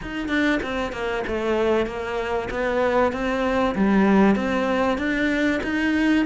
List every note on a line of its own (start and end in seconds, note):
0.02 0.28 D#4
0.28 0.59 D4
0.62 0.92 C4
0.92 1.23 A#3
1.27 1.86 A3
1.86 2.49 A#3
2.50 3.12 B3
3.12 3.74 C4
3.75 4.35 G3
4.35 4.98 C4
4.98 5.60 D4
5.63 6.25 D#4